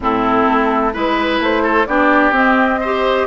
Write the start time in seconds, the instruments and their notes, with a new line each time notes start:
0.00 bassoon A2, clarinet C4, oboe E4, flute A4
0.48 bassoon A3
0.93 bassoon G#3, clarinet E4, oboe B4, flute B4
1.39 bassoon A3, flute C5
1.63 oboe A4
1.86 bassoon B3, clarinet D4, oboe G4, flute D5
2.31 bassoon C4, clarinet C4, flute D#5
2.80 clarinet G4, oboe C5